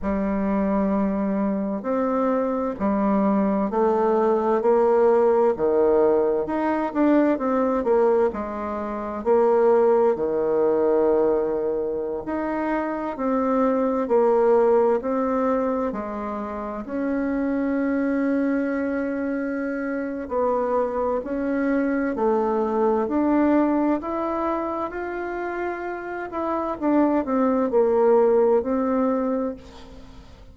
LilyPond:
\new Staff \with { instrumentName = "bassoon" } { \time 4/4 \tempo 4 = 65 g2 c'4 g4 | a4 ais4 dis4 dis'8 d'8 | c'8 ais8 gis4 ais4 dis4~ | dis4~ dis16 dis'4 c'4 ais8.~ |
ais16 c'4 gis4 cis'4.~ cis'16~ | cis'2 b4 cis'4 | a4 d'4 e'4 f'4~ | f'8 e'8 d'8 c'8 ais4 c'4 | }